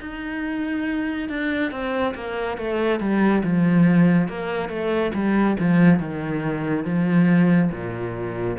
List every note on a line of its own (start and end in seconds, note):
0.00 1.29 D#4
1.29 1.71 D4
1.71 2.14 C4
2.14 2.57 A#3
2.57 3.00 A3
3.00 3.42 G3
3.43 4.28 F3
4.28 4.69 A#3
4.69 5.12 A3
5.14 5.57 G3
5.59 5.99 F3
5.99 6.85 D#3
6.85 7.70 F3
7.71 8.57 A#2